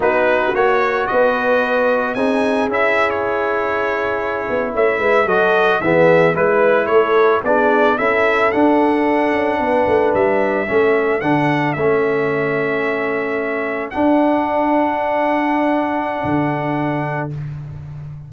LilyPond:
<<
  \new Staff \with { instrumentName = "trumpet" } { \time 4/4 \tempo 4 = 111 b'4 cis''4 dis''2 | gis''4 e''8. cis''2~ cis''16~ | cis''8. e''4 dis''4 e''4 b'16~ | b'8. cis''4 d''4 e''4 fis''16~ |
fis''2~ fis''8. e''4~ e''16~ | e''8. fis''4 e''2~ e''16~ | e''4.~ e''16 fis''2~ fis''16~ | fis''1 | }
  \new Staff \with { instrumentName = "horn" } { \time 4/4 fis'2 b'2 | gis'1~ | gis'8. cis''8 b'8 a'4 gis'4 b'16~ | b'8. a'4 gis'4 a'4~ a'16~ |
a'4.~ a'16 b'2 a'16~ | a'1~ | a'1~ | a'1 | }
  \new Staff \with { instrumentName = "trombone" } { \time 4/4 dis'4 fis'2. | dis'4 e'2.~ | e'4.~ e'16 fis'4 b4 e'16~ | e'4.~ e'16 d'4 e'4 d'16~ |
d'2.~ d'8. cis'16~ | cis'8. d'4 cis'2~ cis'16~ | cis'4.~ cis'16 d'2~ d'16~ | d'1 | }
  \new Staff \with { instrumentName = "tuba" } { \time 4/4 b4 ais4 b2 | c'4 cis'2.~ | cis'16 b8 a8 gis8 fis4 e4 gis16~ | gis8. a4 b4 cis'4 d'16~ |
d'4~ d'16 cis'8 b8 a8 g4 a16~ | a8. d4 a2~ a16~ | a4.~ a16 d'2~ d'16~ | d'2 d2 | }
>>